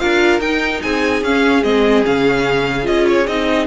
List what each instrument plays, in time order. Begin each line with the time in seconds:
0.00 cello D4, viola F4, violin A#4 F5
0.40 cello D#4, viola D#4, violin G5
0.83 cello C4, violin G#4 G#5
1.22 cello C#4, viola C#4, violin F5
1.64 cello G#3, viola C4, violin D#5
2.04 cello C#3, viola C#4, violin F5
2.84 cello C#4, viola F4, violin D#5
3.08 violin C#5
3.28 cello C4, viola D#4, violin D#5